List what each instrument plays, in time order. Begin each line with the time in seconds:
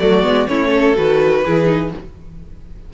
0.00 cello F#3, viola A3, violin F#4 D5
0.23 cello G#3, viola B3
0.47 cello A3, viola C#4, violin E4 C#5
0.69 violin A4
0.96 cello D#3, viola F#4, violin B4
1.45 cello E3, viola E4, violin G#4
1.65 viola D#4